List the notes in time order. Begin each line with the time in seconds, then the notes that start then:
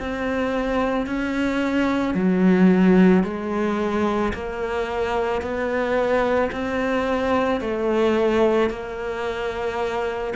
0.00 C4
1.07 C#4
2.15 F#3
3.24 G#3
4.34 A#3
5.42 B3
6.53 C4
7.61 A3
8.70 A#3